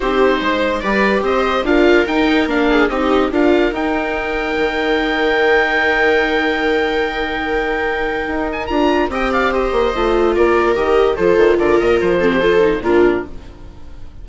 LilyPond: <<
  \new Staff \with { instrumentName = "oboe" } { \time 4/4 \tempo 4 = 145 c''2 d''4 dis''4 | f''4 g''4 f''4 dis''4 | f''4 g''2.~ | g''1~ |
g''1~ | g''8 gis''8 ais''4 g''8 f''8 dis''4~ | dis''4 d''4 dis''4 c''4 | d''8 dis''8 c''2 ais'4 | }
  \new Staff \with { instrumentName = "viola" } { \time 4/4 g'4 c''4 b'4 c''4 | ais'2~ ais'8 gis'8 g'4 | ais'1~ | ais'1~ |
ais'1~ | ais'2 dis''8 d''8 c''4~ | c''4 ais'2 a'4 | ais'4. a'16 g'16 a'4 f'4 | }
  \new Staff \with { instrumentName = "viola" } { \time 4/4 dis'2 g'2 | f'4 dis'4 d'4 dis'4 | f'4 dis'2.~ | dis'1~ |
dis'1~ | dis'4 f'4 g'2 | f'2 g'4 f'4~ | f'4. c'8 f'8 dis'8 d'4 | }
  \new Staff \with { instrumentName = "bassoon" } { \time 4/4 c'4 gis4 g4 c'4 | d'4 dis'4 ais4 c'4 | d'4 dis'2 dis4~ | dis1~ |
dis1 | dis'4 d'4 c'4. ais8 | a4 ais4 dis4 f8 dis8 | d8 ais,8 f2 ais,4 | }
>>